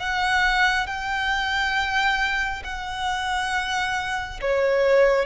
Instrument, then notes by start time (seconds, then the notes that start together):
violin
0.00 F#5
0.87 G5
2.64 F#5
4.41 C#5